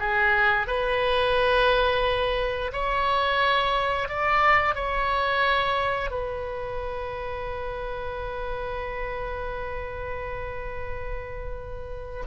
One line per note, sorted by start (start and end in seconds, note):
0.00 0.68 G#4
0.68 2.72 B4
2.73 4.09 C#5
4.09 4.75 D5
4.75 6.11 C#5
6.11 12.24 B4